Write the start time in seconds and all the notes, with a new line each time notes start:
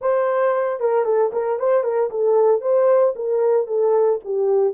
0.01 C5
0.80 A#4
1.05 A4
1.32 A#4
1.59 C5
1.83 A#4
2.10 A4
2.61 C5
3.15 A#4
3.67 A4
4.24 G4